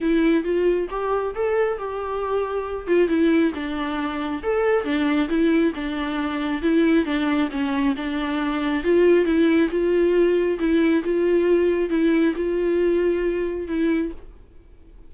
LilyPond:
\new Staff \with { instrumentName = "viola" } { \time 4/4 \tempo 4 = 136 e'4 f'4 g'4 a'4 | g'2~ g'8 f'8 e'4 | d'2 a'4 d'4 | e'4 d'2 e'4 |
d'4 cis'4 d'2 | f'4 e'4 f'2 | e'4 f'2 e'4 | f'2. e'4 | }